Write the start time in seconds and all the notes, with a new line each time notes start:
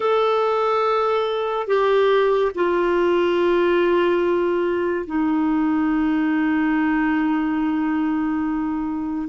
0.00 A4
1.67 G4
2.55 F4
5.06 D#4